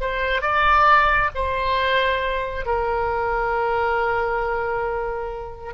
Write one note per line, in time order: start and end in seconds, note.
0.00 0.41 C5
0.41 1.30 D5
1.34 2.65 C5
2.65 5.74 A#4